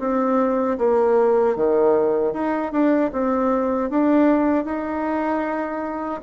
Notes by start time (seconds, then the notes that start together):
0.00 C4
0.78 A#3
1.57 D#3
2.34 D#4
2.72 D4
3.13 C4
3.90 D4
4.65 D#4